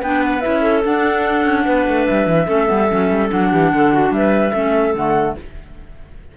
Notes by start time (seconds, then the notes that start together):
0.00 B3 D4 B4 G5
0.23 F#5
0.40 C#4 E4 E5
0.61 A4
0.83 D4 F#5
1.45 C#4
1.65 B3 B4
1.88 A3
2.06 G3 E5
2.27 E3
2.47 A3 C#4 A4
2.66 G3 B3
2.90 F#3 C#4
3.11 G3
3.29 F#3 D4 F#5
3.50 E3 G4
3.73 D3 A4
3.93 F#4
4.11 G3 B4 E5
4.53 A3 C#4 A4
4.95 D3 A3 F#5